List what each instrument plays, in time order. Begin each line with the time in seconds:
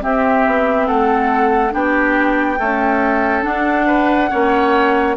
0.00 clarinet C4, bassoon C4, oboe G4, flute E5
0.47 bassoon B3
0.87 bassoon A3, oboe A4, flute F#5
1.71 bassoon B3, clarinet D4, oboe G4, flute G5
2.58 clarinet A3, bassoon C#4, oboe A4
3.42 clarinet D4, bassoon D4, flute F#5
3.87 oboe B4
4.31 bassoon A#3, clarinet C#4, oboe C#5